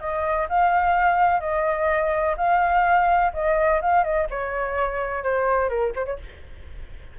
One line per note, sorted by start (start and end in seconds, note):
0.00 0.48 D#5
0.49 1.40 F5
1.40 2.36 D#5
2.37 3.32 F5
3.34 3.81 D#5
3.82 4.04 F5
4.04 4.28 D#5
4.30 5.24 C#5
5.24 5.69 C5
5.69 5.93 A#4
5.96 6.06 C5
6.06 6.18 C#5